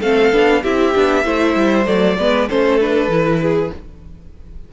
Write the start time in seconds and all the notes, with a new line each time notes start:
0.00 A3 C4 A4 F5
0.32 B3 D4
0.62 C4 E4 G4 E5
0.94 B3 D4
1.24 A3 E4 C5
1.55 G3
1.85 F#3 A3 D5
2.18 G#3 B3 B4
2.49 A3 C#4 A4 C5
2.80 D4 B4
3.08 E3 E4
3.41 G#4